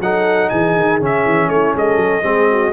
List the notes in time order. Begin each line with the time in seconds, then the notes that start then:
0.00 F#3 D#4 A4 F#5
0.49 E3 G#4 G#5
0.76 D#3
1.00 C#3 C#4 E5
1.25 E3
1.48 A3 E4 C#5
1.75 G#3 A4 D#5
1.96 F#3
2.22 G#3 C4 G#4
2.50 F#4